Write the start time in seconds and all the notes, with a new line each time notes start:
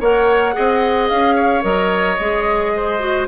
0.00 A#3 A#4 C#5 F#5
0.53 C4 G#4 D#5
1.08 C#4 F5
1.35 C#5
1.62 F#3 A#4 D#5
2.20 G#3 G#4
2.77 C5
2.99 F#4